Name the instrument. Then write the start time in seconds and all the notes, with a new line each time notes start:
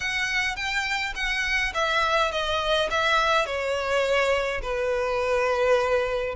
violin
0.00 F#5
0.55 G5
1.15 F#5
1.74 E5
2.31 D#5
2.90 E5
3.46 C#5
4.62 B4